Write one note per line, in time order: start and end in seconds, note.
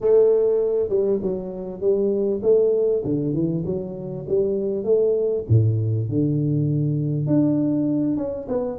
0.01 0.89 A3
0.89 1.19 G3
1.21 1.80 F#3
1.80 2.41 G3
2.42 3.02 A3
3.04 3.33 D3
3.33 3.64 E3
3.65 4.26 F#3
4.28 4.83 G3
4.83 5.44 A3
5.48 6.09 A2
6.09 7.26 D3
7.26 8.17 D4
8.17 8.47 C#4
8.48 8.78 B3